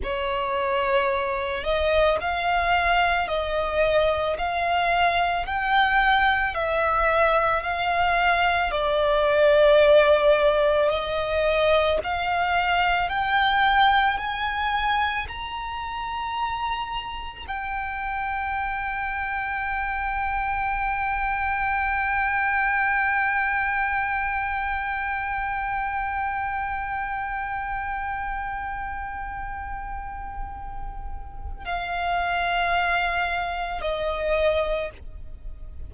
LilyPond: \new Staff \with { instrumentName = "violin" } { \time 4/4 \tempo 4 = 55 cis''4. dis''8 f''4 dis''4 | f''4 g''4 e''4 f''4 | d''2 dis''4 f''4 | g''4 gis''4 ais''2 |
g''1~ | g''1~ | g''1~ | g''4 f''2 dis''4 | }